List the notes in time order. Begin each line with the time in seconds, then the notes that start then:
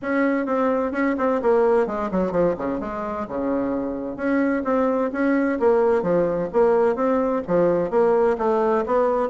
0.01 C#4
0.46 C4
0.92 C#4
1.18 C4
1.42 A#3
1.86 G#3
2.11 F#3
2.31 F3
2.57 C#3
2.80 G#3
3.28 C#3
4.16 C#4
4.64 C4
5.12 C#4
5.59 A#3
6.02 F3
6.52 A#3
6.95 C4
7.47 F3
7.90 A#3
8.38 A3
8.86 B3